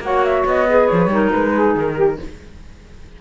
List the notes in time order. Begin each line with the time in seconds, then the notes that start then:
0.00 A#3 F#4 C#5 F#5
0.24 E5
0.45 B3 D#5
0.67 G#4 B4
0.87 F3 C#5
1.06 G3 D#4 A#4
1.32 G#3 B4
1.51 G#4
1.75 D#3 A#4
1.95 G4